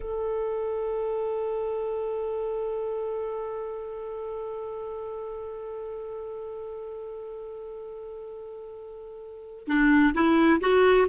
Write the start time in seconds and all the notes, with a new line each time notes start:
0.00 A4
9.67 D4
10.14 E4
10.61 F#4